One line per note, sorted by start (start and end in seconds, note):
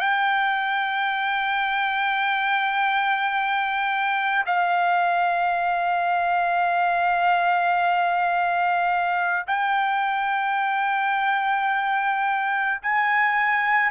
0.00 4.44 G5
4.46 9.46 F5
9.47 12.81 G5
12.82 13.91 G#5